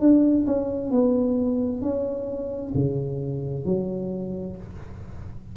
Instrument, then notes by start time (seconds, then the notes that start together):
tuba
0.00 D4
0.46 C#4
0.91 B3
1.81 C#4
2.74 C#3
3.65 F#3